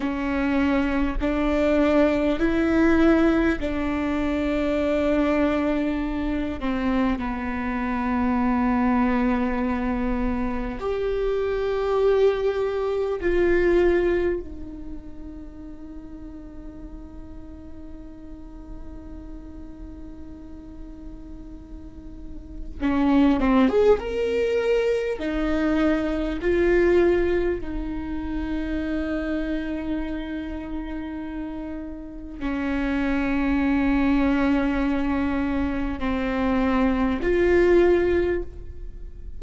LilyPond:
\new Staff \with { instrumentName = "viola" } { \time 4/4 \tempo 4 = 50 cis'4 d'4 e'4 d'4~ | d'4. c'8 b2~ | b4 g'2 f'4 | dis'1~ |
dis'2. cis'8 c'16 gis'16 | ais'4 dis'4 f'4 dis'4~ | dis'2. cis'4~ | cis'2 c'4 f'4 | }